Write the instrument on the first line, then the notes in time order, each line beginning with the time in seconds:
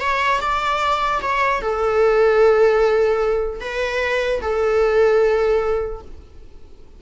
viola
0.00 C#5
0.40 D5
1.22 C#5
1.61 A4
3.61 B4
4.41 A4